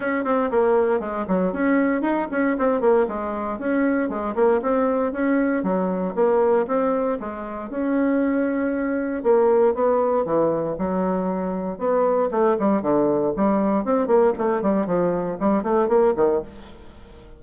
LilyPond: \new Staff \with { instrumentName = "bassoon" } { \time 4/4 \tempo 4 = 117 cis'8 c'8 ais4 gis8 fis8 cis'4 | dis'8 cis'8 c'8 ais8 gis4 cis'4 | gis8 ais8 c'4 cis'4 fis4 | ais4 c'4 gis4 cis'4~ |
cis'2 ais4 b4 | e4 fis2 b4 | a8 g8 d4 g4 c'8 ais8 | a8 g8 f4 g8 a8 ais8 dis8 | }